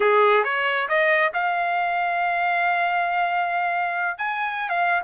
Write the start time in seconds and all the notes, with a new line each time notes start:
0.00 G#4
0.44 C#5
0.88 D#5
1.33 F5
4.18 G#5
4.69 F5